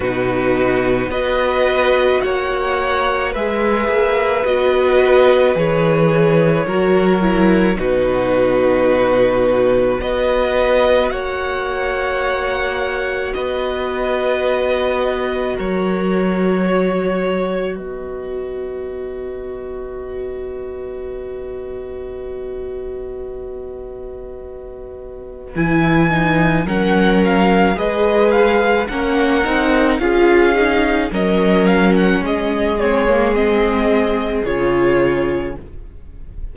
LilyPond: <<
  \new Staff \with { instrumentName = "violin" } { \time 4/4 \tempo 4 = 54 b'4 dis''4 fis''4 e''4 | dis''4 cis''2 b'4~ | b'4 dis''4 fis''2 | dis''2 cis''2 |
dis''1~ | dis''2. gis''4 | fis''8 f''8 dis''8 f''8 fis''4 f''4 | dis''8 f''16 fis''16 dis''8 cis''8 dis''4 cis''4 | }
  \new Staff \with { instrumentName = "violin" } { \time 4/4 fis'4 b'4 cis''4 b'4~ | b'2 ais'4 fis'4~ | fis'4 b'4 cis''2 | b'2 ais'4 cis''4 |
b'1~ | b'1 | ais'4 b'4 ais'4 gis'4 | ais'4 gis'2. | }
  \new Staff \with { instrumentName = "viola" } { \time 4/4 dis'4 fis'2 gis'4 | fis'4 gis'4 fis'8 e'8 dis'4~ | dis'4 fis'2.~ | fis'1~ |
fis'1~ | fis'2. e'8 dis'8 | cis'4 gis'4 cis'8 dis'8 f'8 dis'8 | cis'4. c'16 ais16 c'4 f'4 | }
  \new Staff \with { instrumentName = "cello" } { \time 4/4 b,4 b4 ais4 gis8 ais8 | b4 e4 fis4 b,4~ | b,4 b4 ais2 | b2 fis2 |
b1~ | b2. e4 | fis4 gis4 ais8 c'8 cis'4 | fis4 gis2 cis4 | }
>>